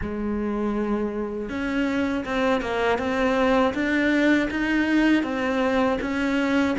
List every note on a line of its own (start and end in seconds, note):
0.01 1.49 G#3
1.49 2.24 C#4
2.25 2.61 C4
2.61 2.98 A#3
2.98 3.73 C4
3.74 4.49 D4
4.50 5.23 D#4
5.23 5.98 C4
6.01 6.76 C#4